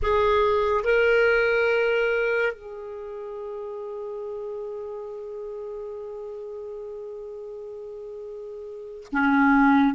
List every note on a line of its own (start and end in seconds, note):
0.02 0.83 G#4
0.83 2.52 A#4
2.52 9.07 G#4
9.12 9.94 C#4